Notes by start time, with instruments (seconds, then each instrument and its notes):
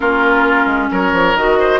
0.00 bassoon A#3, clarinet C#4, oboe F4, flute A#4
0.66 bassoon G#3
0.91 bassoon F#3, oboe A#4, flute C#5
1.12 bassoon F3
1.35 bassoon D#3, clarinet F#4, flute D#5
1.59 oboe C5